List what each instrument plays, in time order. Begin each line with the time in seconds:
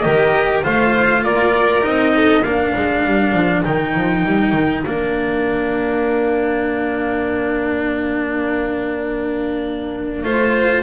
0.00 double bass D#3, cello G4, violin A#4, trumpet D#5
0.63 double bass A3, cello F4, violin C5, trumpet F5
1.24 double bass A#3, violin A#4, trumpet D5
1.81 double bass C4, cello D#4, trumpet D#5
2.16 violin A4
2.43 double bass A#3, cello D4, violin A#4, trumpet F5
2.76 double bass G#3
3.06 double bass G3
3.33 double bass F3
3.64 double bass D#3, cello D#4, trumpet G5
3.95 double bass F3
4.25 double bass G3
4.52 double bass D#3
4.83 double bass A#3, cello D4, trumpet F5
10.24 double bass A3, cello F4, violin C5